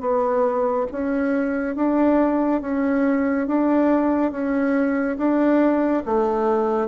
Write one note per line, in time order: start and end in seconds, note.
0.00 0.86 B3
0.91 1.75 C#4
1.75 2.61 D4
2.61 3.47 C#4
3.47 4.31 D4
4.31 5.17 C#4
5.17 6.03 D4
6.05 6.87 A3